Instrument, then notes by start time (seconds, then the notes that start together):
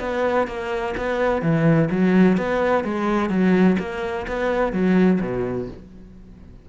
cello
0.00 B3
0.47 A#3
0.97 B3
1.42 E3
1.91 F#3
2.38 B3
2.84 G#3
3.29 F#3
3.79 A#3
4.28 B3
4.72 F#3
5.21 B2